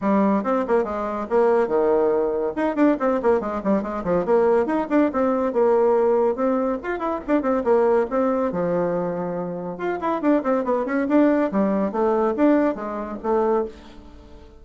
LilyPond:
\new Staff \with { instrumentName = "bassoon" } { \time 4/4 \tempo 4 = 141 g4 c'8 ais8 gis4 ais4 | dis2 dis'8 d'8 c'8 ais8 | gis8 g8 gis8 f8 ais4 dis'8 d'8 | c'4 ais2 c'4 |
f'8 e'8 d'8 c'8 ais4 c'4 | f2. f'8 e'8 | d'8 c'8 b8 cis'8 d'4 g4 | a4 d'4 gis4 a4 | }